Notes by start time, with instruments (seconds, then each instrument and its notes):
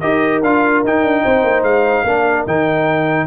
0.00 tuba D#4, trombone G4, horn A#4, trumpet D#5
0.42 tuba D4, trombone F4, trumpet F5
0.84 tuba D#4, trombone D#4, trumpet G5
1.03 tuba D4
1.22 tuba C4, horn C5
1.43 tuba A#3
1.62 tuba G#3, trumpet F5
2.03 tuba A#3, trombone D4, horn A#4
2.46 tuba D#3, trombone D#4, trumpet G5